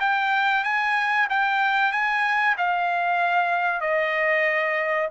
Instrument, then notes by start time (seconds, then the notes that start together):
trumpet
0.00 G5
0.64 G#5
1.30 G5
1.92 G#5
2.58 F5
3.81 D#5